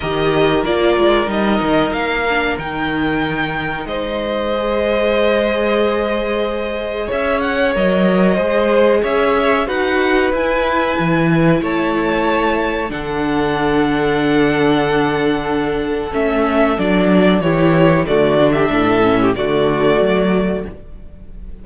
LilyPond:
<<
  \new Staff \with { instrumentName = "violin" } { \time 4/4 \tempo 4 = 93 dis''4 d''4 dis''4 f''4 | g''2 dis''2~ | dis''2. e''8 fis''8 | dis''2 e''4 fis''4 |
gis''2 a''2 | fis''1~ | fis''4 e''4 d''4 cis''4 | d''8. e''4~ e''16 d''2 | }
  \new Staff \with { instrumentName = "violin" } { \time 4/4 ais'1~ | ais'2 c''2~ | c''2. cis''4~ | cis''4 c''4 cis''4 b'4~ |
b'2 cis''2 | a'1~ | a'2. g'4 | fis'8. g'16 a'8. g'16 fis'2 | }
  \new Staff \with { instrumentName = "viola" } { \time 4/4 g'4 f'4 dis'4. d'8 | dis'2. gis'4~ | gis'1 | ais'4 gis'2 fis'4 |
e'1 | d'1~ | d'4 cis'4 d'4 e'4 | a8 d'4 cis'8 a2 | }
  \new Staff \with { instrumentName = "cello" } { \time 4/4 dis4 ais8 gis8 g8 dis8 ais4 | dis2 gis2~ | gis2. cis'4 | fis4 gis4 cis'4 dis'4 |
e'4 e4 a2 | d1~ | d4 a4 fis4 e4 | d4 a,4 d4 fis4 | }
>>